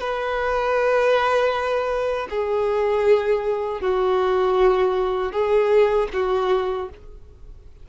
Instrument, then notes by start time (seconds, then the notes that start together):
violin
0.00 B4
2.30 G#4
3.81 F#4
5.32 G#4
6.13 F#4